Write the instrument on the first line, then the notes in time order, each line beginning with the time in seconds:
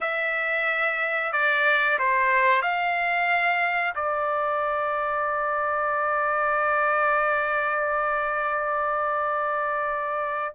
trumpet
0.00 E5
1.32 D5
1.98 C5
2.62 F5
3.95 D5